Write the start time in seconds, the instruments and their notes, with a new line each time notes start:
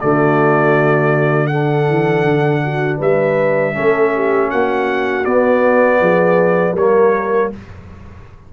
0.00 tuba D3, trombone A3, horn F#4, trumpet D5
1.47 trombone D4, horn A4, trumpet F#5
1.89 tuba E3
2.24 tuba D3
2.64 horn F#4
2.98 tuba G3, horn B4, trumpet E5
3.74 tuba A3, trombone C#4, horn A4
4.15 horn G4
4.50 tuba A#3, horn F#4, trumpet F#5
5.25 tuba B3, trombone B3, trumpet D5
6.00 tuba F3, horn G#4
6.74 tuba G3, trombone A#3, horn A#4, trumpet C#5